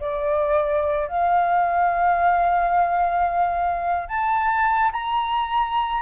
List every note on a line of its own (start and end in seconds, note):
0.00 1.08 D5
1.08 4.08 F5
4.08 4.91 A5
4.92 6.02 A#5